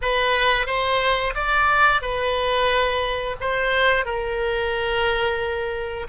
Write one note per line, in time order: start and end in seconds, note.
0.01 0.66 B4
0.66 1.33 C5
1.35 2.01 D5
2.01 3.36 B4
3.40 4.05 C5
4.05 6.07 A#4